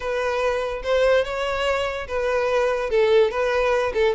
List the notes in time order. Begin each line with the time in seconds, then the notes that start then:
0.00 B4
0.83 C5
1.24 C#5
2.07 B4
2.90 A4
3.30 B4
3.94 A4